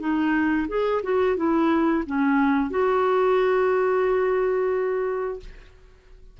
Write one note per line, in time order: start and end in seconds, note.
0.00 0.67 D#4
0.68 1.02 G#4
1.03 1.37 F#4
1.37 2.04 E4
2.06 2.70 C#4
2.70 5.40 F#4